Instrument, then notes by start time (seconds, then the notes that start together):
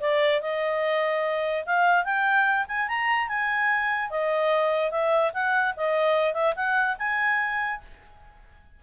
clarinet
0.00 D5
0.41 D#5
1.66 F5
2.04 G5
2.68 G#5
2.88 A#5
3.28 G#5
4.10 D#5
4.91 E5
5.33 F#5
5.76 D#5
6.33 E5
6.55 F#5
6.98 G#5